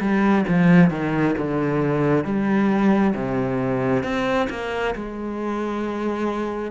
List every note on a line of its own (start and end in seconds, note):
0.00 0.45 G3
0.48 0.90 F3
0.90 1.35 D#3
1.38 2.24 D3
2.24 3.14 G3
3.15 4.03 C3
4.03 4.48 C4
4.50 4.95 A#3
4.95 6.71 G#3